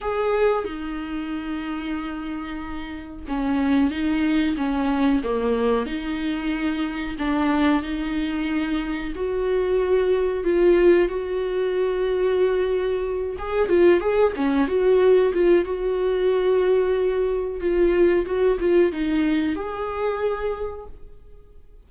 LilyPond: \new Staff \with { instrumentName = "viola" } { \time 4/4 \tempo 4 = 92 gis'4 dis'2.~ | dis'4 cis'4 dis'4 cis'4 | ais4 dis'2 d'4 | dis'2 fis'2 |
f'4 fis'2.~ | fis'8 gis'8 f'8 gis'8 cis'8 fis'4 f'8 | fis'2. f'4 | fis'8 f'8 dis'4 gis'2 | }